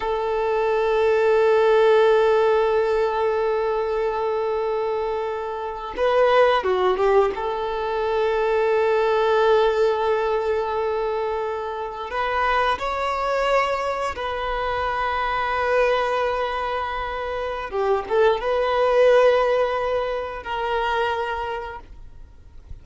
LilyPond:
\new Staff \with { instrumentName = "violin" } { \time 4/4 \tempo 4 = 88 a'1~ | a'1~ | a'8. b'4 fis'8 g'8 a'4~ a'16~ | a'1~ |
a'4.~ a'16 b'4 cis''4~ cis''16~ | cis''8. b'2.~ b'16~ | b'2 g'8 a'8 b'4~ | b'2 ais'2 | }